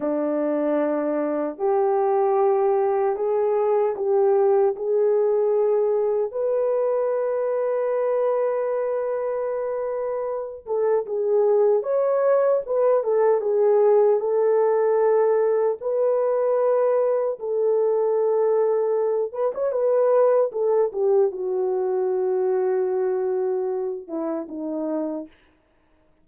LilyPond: \new Staff \with { instrumentName = "horn" } { \time 4/4 \tempo 4 = 76 d'2 g'2 | gis'4 g'4 gis'2 | b'1~ | b'4. a'8 gis'4 cis''4 |
b'8 a'8 gis'4 a'2 | b'2 a'2~ | a'8 b'16 cis''16 b'4 a'8 g'8 fis'4~ | fis'2~ fis'8 e'8 dis'4 | }